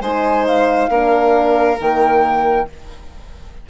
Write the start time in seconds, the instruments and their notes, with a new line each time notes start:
0.00 bassoon G#3, horn D#4, violin C5, flute G#5
0.47 flute F5
0.90 bassoon A#3, horn D4, violin A#4
1.80 bassoon D#3, horn A#3, flute G5